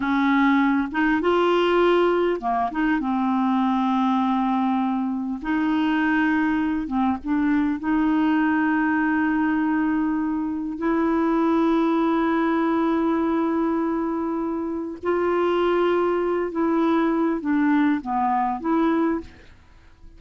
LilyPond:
\new Staff \with { instrumentName = "clarinet" } { \time 4/4 \tempo 4 = 100 cis'4. dis'8 f'2 | ais8 dis'8 c'2.~ | c'4 dis'2~ dis'8 c'8 | d'4 dis'2.~ |
dis'2 e'2~ | e'1~ | e'4 f'2~ f'8 e'8~ | e'4 d'4 b4 e'4 | }